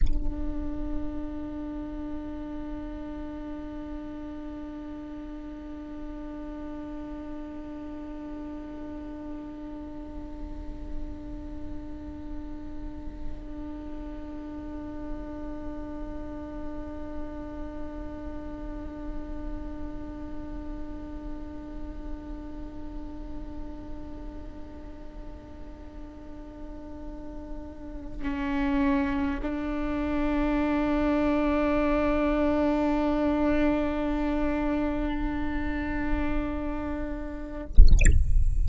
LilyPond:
\new Staff \with { instrumentName = "viola" } { \time 4/4 \tempo 4 = 51 d'1~ | d'1~ | d'1~ | d'1~ |
d'1~ | d'1 | cis'4 d'2.~ | d'1 | }